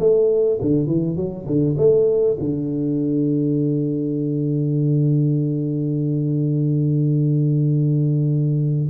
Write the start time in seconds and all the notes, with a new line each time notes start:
0.00 A3
0.61 D3
0.87 E3
1.16 F#3
1.47 D3
1.78 A3
2.40 D3